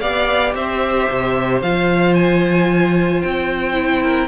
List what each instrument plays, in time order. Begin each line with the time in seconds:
0.00 cello B3, viola G4, violin D5 F5
0.54 cello C4, violin C5 E5
1.10 cello C3
1.61 cello F3, viola F4, violin F5
2.15 violin G#5
3.21 cello C4, violin G5
3.73 viola E4
4.03 violin A#4